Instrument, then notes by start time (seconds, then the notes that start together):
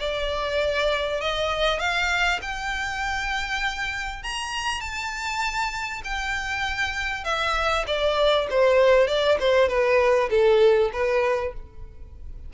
violin
0.00 D5
1.21 D#5
1.79 F5
2.42 G5
4.23 A#5
4.81 A5
6.04 G5
7.25 E5
7.87 D5
8.50 C5
9.07 D5
9.40 C5
9.69 B4
10.31 A4
10.93 B4